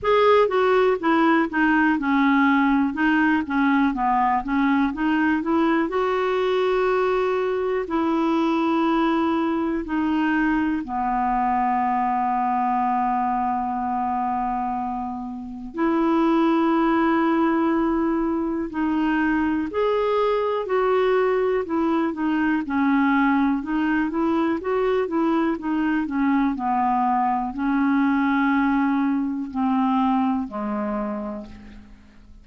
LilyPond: \new Staff \with { instrumentName = "clarinet" } { \time 4/4 \tempo 4 = 61 gis'8 fis'8 e'8 dis'8 cis'4 dis'8 cis'8 | b8 cis'8 dis'8 e'8 fis'2 | e'2 dis'4 b4~ | b1 |
e'2. dis'4 | gis'4 fis'4 e'8 dis'8 cis'4 | dis'8 e'8 fis'8 e'8 dis'8 cis'8 b4 | cis'2 c'4 gis4 | }